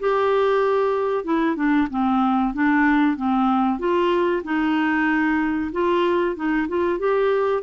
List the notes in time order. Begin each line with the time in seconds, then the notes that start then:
0.00 G4
1.24 E4
1.56 D4
1.90 C4
2.54 D4
3.17 C4
3.79 F4
4.44 D#4
5.72 F4
6.36 D#4
6.68 F4
6.99 G4